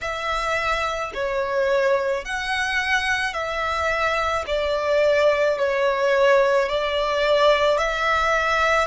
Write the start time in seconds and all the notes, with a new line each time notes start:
0.01 E5
1.14 C#5
2.24 F#5
3.33 E5
4.46 D5
5.58 C#5
6.68 D5
7.78 E5